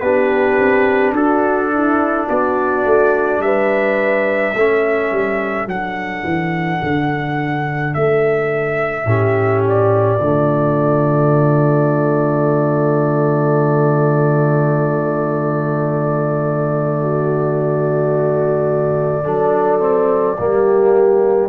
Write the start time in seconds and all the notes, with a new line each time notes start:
0.00 B3 D4 G4 B4
0.58 C4
1.12 D4 F#4 A4
1.74 E4
2.28 B3 F#4 D5
2.85 A3
3.39 G3 B4 E5
4.55 A3 C#4 A4
5.11 G3
5.66 F#3 D4 F#5
6.24 E3
6.83 D3
7.94 A3 E5
9.05 A2 C#4 G4
9.67 D5
10.20 D3 A3 F4
17.01 F#4
19.23 F#3 D4 A4
19.80 C4
20.39 G3 A#3 G4